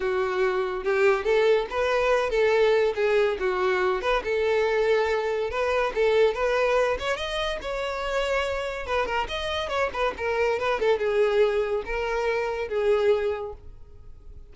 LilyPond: \new Staff \with { instrumentName = "violin" } { \time 4/4 \tempo 4 = 142 fis'2 g'4 a'4 | b'4. a'4. gis'4 | fis'4. b'8 a'2~ | a'4 b'4 a'4 b'4~ |
b'8 cis''8 dis''4 cis''2~ | cis''4 b'8 ais'8 dis''4 cis''8 b'8 | ais'4 b'8 a'8 gis'2 | ais'2 gis'2 | }